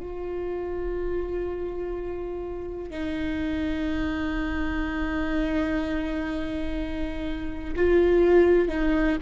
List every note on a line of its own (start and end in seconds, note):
0.00 2.90 F4
2.90 7.74 D#4
7.76 8.68 F4
8.68 9.17 D#4